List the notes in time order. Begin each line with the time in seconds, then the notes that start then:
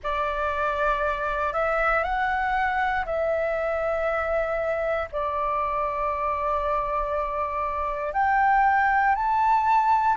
0.03 D5
1.53 E5
2.03 F#5
3.05 E5
5.11 D5
8.13 G5
9.15 A5